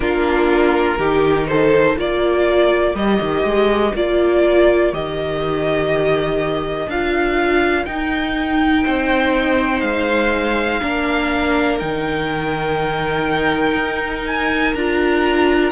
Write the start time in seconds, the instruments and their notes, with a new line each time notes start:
0.00 cello A#3, viola D4, violin F4 A#4
0.98 cello D#3, viola D#4, violin G4
1.47 violin A4 C5
1.96 cello A#3, viola F4, violin A#4 D5
2.94 cello G3, viola G4, violin D#5
3.20 cello D#3
3.43 cello G#3
3.94 cello A#3, viola F4, violin D5
4.92 cello D#3, viola G4, violin D#5
6.86 cello D4, viola F4, violin F5
7.85 cello D#4, viola D#4, violin G5
8.84 cello C4, violin C5
9.80 cello G#3, violin F5
10.81 cello A#3, viola D4, violin A#4
11.79 cello D#3, viola D#4, violin G5
13.75 cello D#4
14.26 violin G#5
14.74 cello D4, viola F4, violin A#5